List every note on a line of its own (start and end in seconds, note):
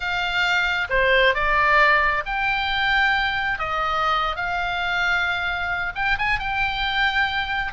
0.00 0.87 F5
0.89 1.34 C5
1.34 2.23 D5
2.25 3.58 G5
3.58 4.36 D#5
4.36 5.92 F5
5.95 6.17 G5
6.18 6.39 G#5
6.39 7.72 G5